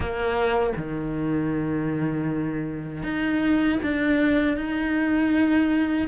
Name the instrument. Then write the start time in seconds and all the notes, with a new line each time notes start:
cello
0.00 A#3
0.76 D#3
3.03 D#4
3.83 D4
4.57 D#4